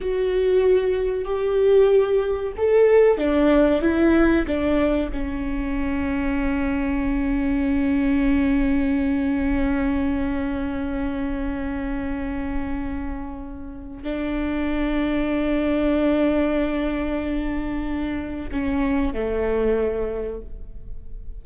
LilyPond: \new Staff \with { instrumentName = "viola" } { \time 4/4 \tempo 4 = 94 fis'2 g'2 | a'4 d'4 e'4 d'4 | cis'1~ | cis'1~ |
cis'1~ | cis'2 d'2~ | d'1~ | d'4 cis'4 a2 | }